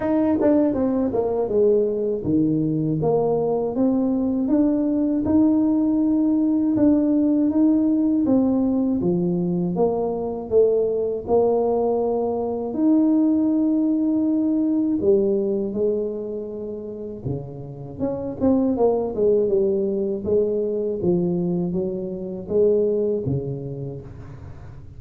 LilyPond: \new Staff \with { instrumentName = "tuba" } { \time 4/4 \tempo 4 = 80 dis'8 d'8 c'8 ais8 gis4 dis4 | ais4 c'4 d'4 dis'4~ | dis'4 d'4 dis'4 c'4 | f4 ais4 a4 ais4~ |
ais4 dis'2. | g4 gis2 cis4 | cis'8 c'8 ais8 gis8 g4 gis4 | f4 fis4 gis4 cis4 | }